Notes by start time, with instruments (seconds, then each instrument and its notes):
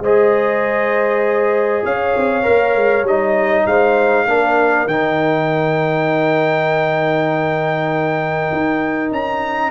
0.00 tuba G#3, trombone G#4, horn C5, trumpet D#5
1.85 tuba C#4, horn C#5, trumpet F5
2.16 tuba C4
2.43 tuba A#3, trombone A#4
2.76 tuba G#3
3.03 tuba G3, trombone D#4, trumpet D#5
3.67 tuba G#3, horn C5, trumpet F5
4.26 tuba A#3, trombone D4, horn A#4
4.87 tuba D#3, trombone D#4, trumpet G5
8.53 tuba D#4
9.11 tuba C#4, trumpet A#5